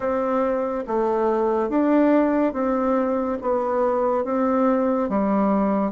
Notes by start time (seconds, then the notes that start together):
0.00 C4
0.87 A3
1.69 D4
2.53 C4
3.41 B3
4.24 C4
5.09 G3